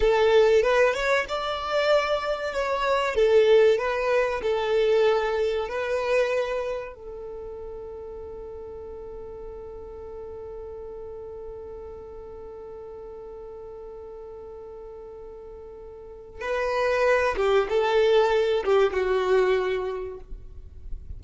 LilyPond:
\new Staff \with { instrumentName = "violin" } { \time 4/4 \tempo 4 = 95 a'4 b'8 cis''8 d''2 | cis''4 a'4 b'4 a'4~ | a'4 b'2 a'4~ | a'1~ |
a'1~ | a'1~ | a'2 b'4. g'8 | a'4. g'8 fis'2 | }